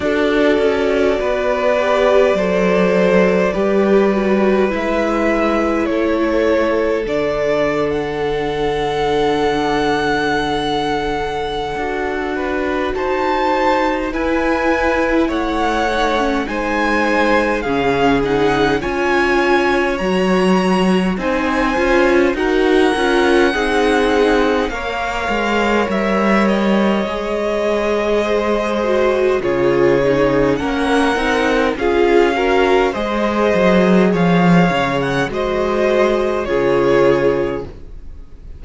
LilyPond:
<<
  \new Staff \with { instrumentName = "violin" } { \time 4/4 \tempo 4 = 51 d''1 | e''4 cis''4 d''8. fis''4~ fis''16~ | fis''2. a''4 | gis''4 fis''4 gis''4 f''8 fis''8 |
gis''4 ais''4 gis''4 fis''4~ | fis''4 f''4 e''8 dis''4.~ | dis''4 cis''4 fis''4 f''4 | dis''4 f''8. fis''16 dis''4 cis''4 | }
  \new Staff \with { instrumentName = "violin" } { \time 4/4 a'4 b'4 c''4 b'4~ | b'4 a'2.~ | a'2~ a'8 b'8 c''4 | b'4 cis''4 c''4 gis'4 |
cis''2 c''4 ais'4 | gis'4 cis''2. | c''4 gis'4 ais'4 gis'8 ais'8 | c''4 cis''4 c''4 gis'4 | }
  \new Staff \with { instrumentName = "viola" } { \time 4/4 fis'4. g'8 a'4 g'8 fis'8 | e'2 d'2~ | d'2 fis'2 | e'4. dis'16 cis'16 dis'4 cis'8 dis'8 |
f'4 fis'4 dis'8 f'8 fis'8 f'8 | dis'4 ais'2 gis'4~ | gis'8 fis'8 f'8 dis'8 cis'8 dis'8 f'8 fis'8 | gis'2 fis'4 f'4 | }
  \new Staff \with { instrumentName = "cello" } { \time 4/4 d'8 cis'8 b4 fis4 g4 | gis4 a4 d2~ | d2 d'4 dis'4 | e'4 a4 gis4 cis4 |
cis'4 fis4 c'8 cis'8 dis'8 cis'8 | c'4 ais8 gis8 g4 gis4~ | gis4 cis4 ais8 c'8 cis'4 | gis8 fis8 f8 cis8 gis4 cis4 | }
>>